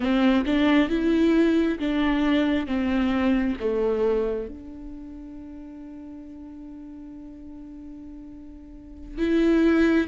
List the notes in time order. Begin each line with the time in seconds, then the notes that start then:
0.00 C4
0.46 D4
0.89 E4
1.79 D4
2.66 C4
3.59 A3
4.48 D4
9.18 E4